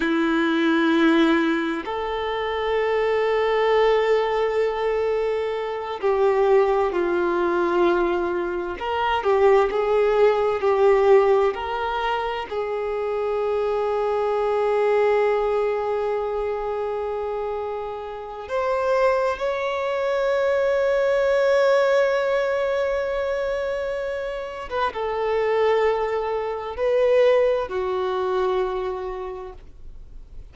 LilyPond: \new Staff \with { instrumentName = "violin" } { \time 4/4 \tempo 4 = 65 e'2 a'2~ | a'2~ a'8 g'4 f'8~ | f'4. ais'8 g'8 gis'4 g'8~ | g'8 ais'4 gis'2~ gis'8~ |
gis'1 | c''4 cis''2.~ | cis''2~ cis''8. b'16 a'4~ | a'4 b'4 fis'2 | }